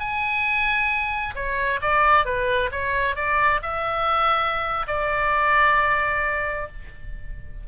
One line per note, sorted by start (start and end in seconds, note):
0.00 1.35 G#5
1.36 1.81 C#5
1.82 2.26 D5
2.26 2.71 B4
2.72 3.16 C#5
3.16 3.61 D5
3.63 4.87 E5
4.88 6.68 D5